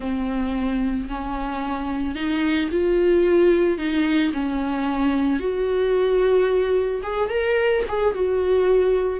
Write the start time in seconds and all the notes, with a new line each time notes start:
0.00 C4
1.08 C#4
2.15 D#4
2.71 F4
3.78 D#4
4.33 C#4
5.39 F#4
7.03 G#4
7.29 A#4
7.88 G#4
8.14 F#4